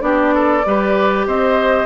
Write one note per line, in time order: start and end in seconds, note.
0.00 0.64 B3
0.00 0.62 D4
0.00 0.34 G4
0.00 1.26 D5
0.34 0.65 A4
0.66 1.27 G3
0.66 1.86 G4
0.66 1.27 B4
1.27 1.86 C4
1.27 1.86 C5
1.27 1.86 D#5